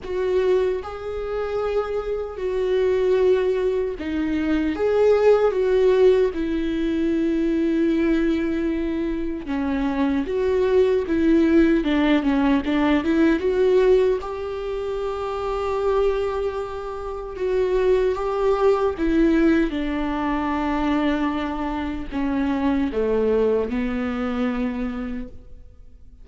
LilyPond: \new Staff \with { instrumentName = "viola" } { \time 4/4 \tempo 4 = 76 fis'4 gis'2 fis'4~ | fis'4 dis'4 gis'4 fis'4 | e'1 | cis'4 fis'4 e'4 d'8 cis'8 |
d'8 e'8 fis'4 g'2~ | g'2 fis'4 g'4 | e'4 d'2. | cis'4 a4 b2 | }